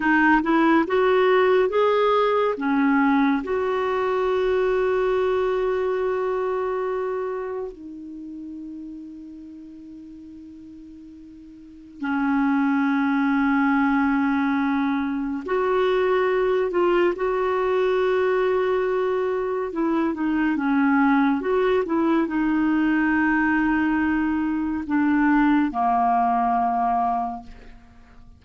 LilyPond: \new Staff \with { instrumentName = "clarinet" } { \time 4/4 \tempo 4 = 70 dis'8 e'8 fis'4 gis'4 cis'4 | fis'1~ | fis'4 dis'2.~ | dis'2 cis'2~ |
cis'2 fis'4. f'8 | fis'2. e'8 dis'8 | cis'4 fis'8 e'8 dis'2~ | dis'4 d'4 ais2 | }